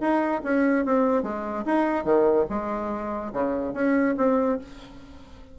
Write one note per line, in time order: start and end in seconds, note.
0.00 0.41 D#4
0.43 0.85 C#4
0.85 1.23 C4
1.23 1.64 G#3
1.66 2.04 D#4
2.04 2.45 D#3
2.49 3.32 G#3
3.33 3.74 C#3
3.74 4.15 C#4
4.17 4.58 C4